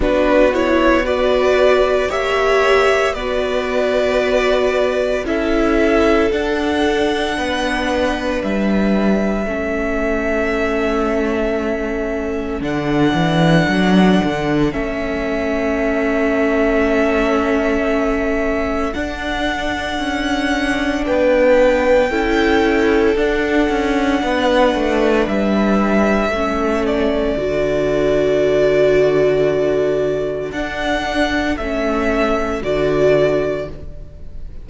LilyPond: <<
  \new Staff \with { instrumentName = "violin" } { \time 4/4 \tempo 4 = 57 b'8 cis''8 d''4 e''4 d''4~ | d''4 e''4 fis''2 | e''1 | fis''2 e''2~ |
e''2 fis''2 | g''2 fis''2 | e''4. d''2~ d''8~ | d''4 fis''4 e''4 d''4 | }
  \new Staff \with { instrumentName = "violin" } { \time 4/4 fis'4 b'4 cis''4 b'4~ | b'4 a'2 b'4~ | b'4 a'2.~ | a'1~ |
a'1 | b'4 a'2 b'4~ | b'4 a'2.~ | a'1 | }
  \new Staff \with { instrumentName = "viola" } { \time 4/4 d'8 e'8 fis'4 g'4 fis'4~ | fis'4 e'4 d'2~ | d'4 cis'2. | d'2 cis'2~ |
cis'2 d'2~ | d'4 e'4 d'2~ | d'4 cis'4 fis'2~ | fis'4 d'4 cis'4 fis'4 | }
  \new Staff \with { instrumentName = "cello" } { \time 4/4 b2 ais4 b4~ | b4 cis'4 d'4 b4 | g4 a2. | d8 e8 fis8 d8 a2~ |
a2 d'4 cis'4 | b4 cis'4 d'8 cis'8 b8 a8 | g4 a4 d2~ | d4 d'4 a4 d4 | }
>>